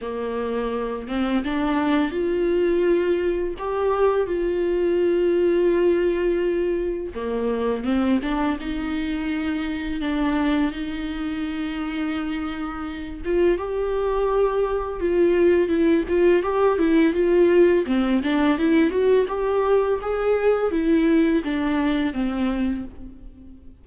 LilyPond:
\new Staff \with { instrumentName = "viola" } { \time 4/4 \tempo 4 = 84 ais4. c'8 d'4 f'4~ | f'4 g'4 f'2~ | f'2 ais4 c'8 d'8 | dis'2 d'4 dis'4~ |
dis'2~ dis'8 f'8 g'4~ | g'4 f'4 e'8 f'8 g'8 e'8 | f'4 c'8 d'8 e'8 fis'8 g'4 | gis'4 e'4 d'4 c'4 | }